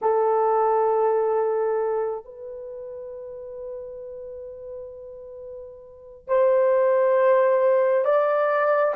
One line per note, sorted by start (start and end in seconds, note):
0.01 2.24 A4
2.24 6.27 B4
6.27 8.05 C5
8.05 8.94 D5